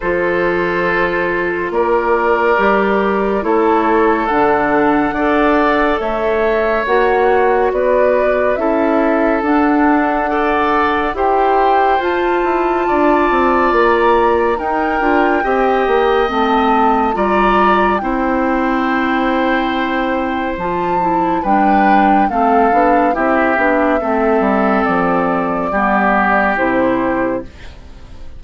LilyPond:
<<
  \new Staff \with { instrumentName = "flute" } { \time 4/4 \tempo 4 = 70 c''2 d''2 | cis''4 fis''2 e''4 | fis''4 d''4 e''4 fis''4~ | fis''4 g''4 a''2 |
ais''4 g''2 a''4 | ais''4 g''2. | a''4 g''4 f''4 e''4~ | e''4 d''2 c''4 | }
  \new Staff \with { instrumentName = "oboe" } { \time 4/4 a'2 ais'2 | a'2 d''4 cis''4~ | cis''4 b'4 a'2 | d''4 c''2 d''4~ |
d''4 ais'4 dis''2 | d''4 c''2.~ | c''4 b'4 a'4 g'4 | a'2 g'2 | }
  \new Staff \with { instrumentName = "clarinet" } { \time 4/4 f'2. g'4 | e'4 d'4 a'2 | fis'2 e'4 d'4 | a'4 g'4 f'2~ |
f'4 dis'8 f'8 g'4 c'4 | f'4 e'2. | f'8 e'8 d'4 c'8 d'8 e'8 d'8 | c'2 b4 e'4 | }
  \new Staff \with { instrumentName = "bassoon" } { \time 4/4 f2 ais4 g4 | a4 d4 d'4 a4 | ais4 b4 cis'4 d'4~ | d'4 e'4 f'8 e'8 d'8 c'8 |
ais4 dis'8 d'8 c'8 ais8 a4 | g4 c'2. | f4 g4 a8 b8 c'8 b8 | a8 g8 f4 g4 c4 | }
>>